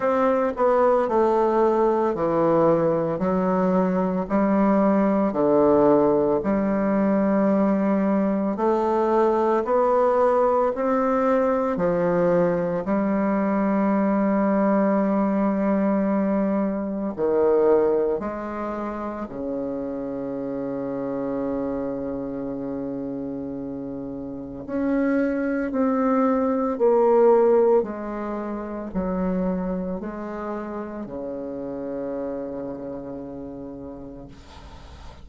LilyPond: \new Staff \with { instrumentName = "bassoon" } { \time 4/4 \tempo 4 = 56 c'8 b8 a4 e4 fis4 | g4 d4 g2 | a4 b4 c'4 f4 | g1 |
dis4 gis4 cis2~ | cis2. cis'4 | c'4 ais4 gis4 fis4 | gis4 cis2. | }